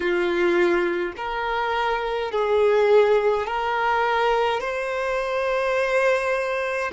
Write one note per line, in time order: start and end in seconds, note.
0.00 1.12 F4
1.16 2.31 A#4
2.31 3.46 G#4
3.46 4.60 A#4
4.60 6.91 C5